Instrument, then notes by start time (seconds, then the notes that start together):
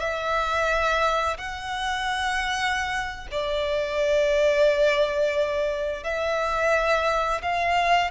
violin
0.00 E5
1.38 F#5
3.32 D5
6.04 E5
7.43 F5